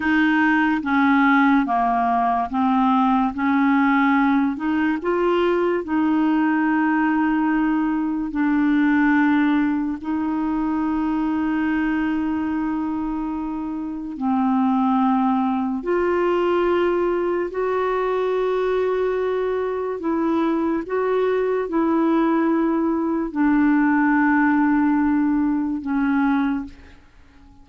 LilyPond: \new Staff \with { instrumentName = "clarinet" } { \time 4/4 \tempo 4 = 72 dis'4 cis'4 ais4 c'4 | cis'4. dis'8 f'4 dis'4~ | dis'2 d'2 | dis'1~ |
dis'4 c'2 f'4~ | f'4 fis'2. | e'4 fis'4 e'2 | d'2. cis'4 | }